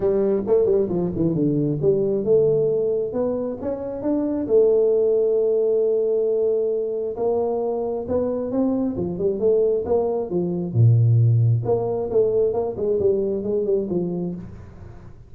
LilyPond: \new Staff \with { instrumentName = "tuba" } { \time 4/4 \tempo 4 = 134 g4 a8 g8 f8 e8 d4 | g4 a2 b4 | cis'4 d'4 a2~ | a1 |
ais2 b4 c'4 | f8 g8 a4 ais4 f4 | ais,2 ais4 a4 | ais8 gis8 g4 gis8 g8 f4 | }